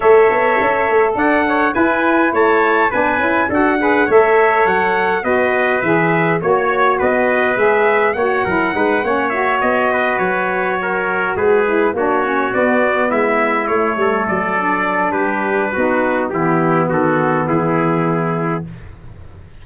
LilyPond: <<
  \new Staff \with { instrumentName = "trumpet" } { \time 4/4 \tempo 4 = 103 e''2 fis''4 gis''4 | a''4 gis''4 fis''4 e''4 | fis''4 dis''4 e''4 cis''4 | dis''4 e''4 fis''2 |
e''8 dis''4 cis''2 b'8~ | b'8 cis''4 d''4 e''4 cis''8~ | cis''8 d''4. b'2 | g'4 a'4 gis'2 | }
  \new Staff \with { instrumentName = "trumpet" } { \time 4/4 cis''2 d''8 cis''8 b'4 | cis''4 b'4 a'8 b'8 cis''4~ | cis''4 b'2 cis''4 | b'2 cis''8 ais'8 b'8 cis''8~ |
cis''4 b'4. ais'4 gis'8~ | gis'8 fis'2 e'4. | a'2 g'4 fis'4 | e'4 fis'4 e'2 | }
  \new Staff \with { instrumentName = "saxophone" } { \time 4/4 a'2. e'4~ | e'4 d'8 e'8 fis'8 gis'8 a'4~ | a'4 fis'4 gis'4 fis'4~ | fis'4 gis'4 fis'8 e'8 dis'8 cis'8 |
fis'1 | e'8 d'8 cis'8 b2 a8~ | a4 d'2 dis'4 | b1 | }
  \new Staff \with { instrumentName = "tuba" } { \time 4/4 a8 b8 cis'8 a8 d'4 e'4 | a4 b8 cis'8 d'4 a4 | fis4 b4 e4 ais4 | b4 gis4 ais8 fis8 gis8 ais8~ |
ais8 b4 fis2 gis8~ | gis8 ais4 b4 gis4 a8 | g8 fis4. g4 b4 | e4 dis4 e2 | }
>>